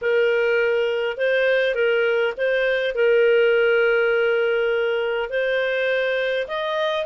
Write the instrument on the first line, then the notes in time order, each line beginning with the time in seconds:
clarinet
0.01 A#4
1.17 C5
1.74 A#4
2.37 C5
2.94 A#4
5.29 C5
6.47 D#5